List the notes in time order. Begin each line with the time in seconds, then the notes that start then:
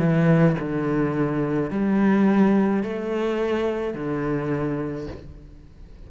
0.00 E3
0.60 D3
1.71 G3
2.84 A3
3.95 D3